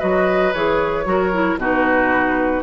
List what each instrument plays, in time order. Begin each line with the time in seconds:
0.00 bassoon F#3, clarinet F#4, oboe B4, flute D#5
0.54 bassoon E3, clarinet G#4, flute C#5
1.06 bassoon F#3, clarinet F#4, oboe A#4
1.33 clarinet E4
1.57 bassoon B2, clarinet D#4, oboe F#4, flute B4